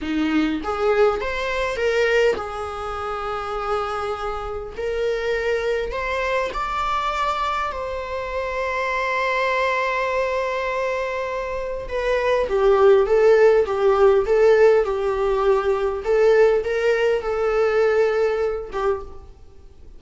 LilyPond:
\new Staff \with { instrumentName = "viola" } { \time 4/4 \tempo 4 = 101 dis'4 gis'4 c''4 ais'4 | gis'1 | ais'2 c''4 d''4~ | d''4 c''2.~ |
c''1 | b'4 g'4 a'4 g'4 | a'4 g'2 a'4 | ais'4 a'2~ a'8 g'8 | }